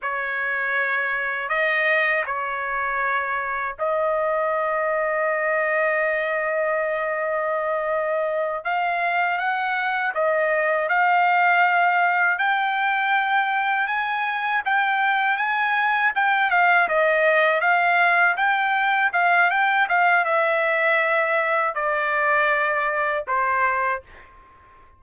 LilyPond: \new Staff \with { instrumentName = "trumpet" } { \time 4/4 \tempo 4 = 80 cis''2 dis''4 cis''4~ | cis''4 dis''2.~ | dis''2.~ dis''8 f''8~ | f''8 fis''4 dis''4 f''4.~ |
f''8 g''2 gis''4 g''8~ | g''8 gis''4 g''8 f''8 dis''4 f''8~ | f''8 g''4 f''8 g''8 f''8 e''4~ | e''4 d''2 c''4 | }